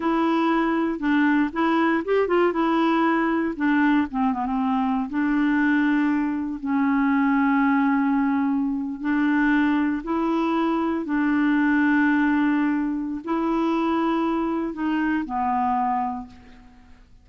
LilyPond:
\new Staff \with { instrumentName = "clarinet" } { \time 4/4 \tempo 4 = 118 e'2 d'4 e'4 | g'8 f'8 e'2 d'4 | c'8 b16 c'4~ c'16 d'2~ | d'4 cis'2.~ |
cis'4.~ cis'16 d'2 e'16~ | e'4.~ e'16 d'2~ d'16~ | d'2 e'2~ | e'4 dis'4 b2 | }